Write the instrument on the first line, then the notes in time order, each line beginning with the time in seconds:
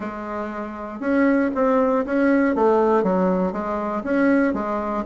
bassoon
0.00 G#3
1.00 C#4
1.54 C4
2.05 C#4
2.55 A3
3.03 F#3
3.52 G#3
4.03 C#4
4.53 G#3